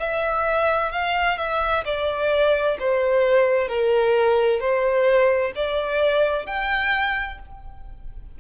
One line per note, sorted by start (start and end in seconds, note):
0.00 0.92 E5
0.92 1.38 F5
1.38 1.84 E5
1.85 2.77 D5
2.79 3.68 C5
3.68 4.60 A#4
4.60 5.52 C5
5.55 6.46 D5
6.46 7.38 G5